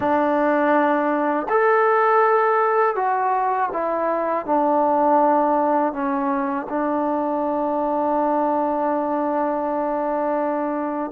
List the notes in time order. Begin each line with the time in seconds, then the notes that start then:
0.00 D4
1.49 A4
2.95 F#4
3.72 E4
4.45 D4
5.93 C#4
6.69 D4